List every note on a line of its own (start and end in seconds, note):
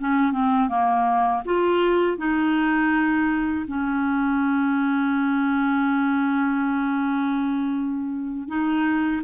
0.00 0.32 C#4
0.32 0.69 C4
0.69 1.43 A#3
1.45 2.18 F4
2.18 3.66 D#4
3.67 8.48 C#4
8.48 9.22 D#4